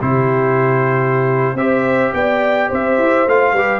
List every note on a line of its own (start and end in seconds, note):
0.00 1.54 C3
0.00 1.57 E4
0.00 1.56 G4
0.00 1.57 C5
1.54 2.11 C4
1.54 3.27 G4
1.54 2.14 C5
1.54 2.13 E5
2.13 2.70 B3
2.13 2.68 D5
2.13 2.70 G5
2.68 2.98 C4
2.68 3.52 C5
2.68 3.28 E5
2.98 3.26 E4
3.27 3.53 A3
3.27 3.56 F4
3.27 3.80 F5
3.52 3.80 G3
3.52 3.80 G4
3.52 3.80 B4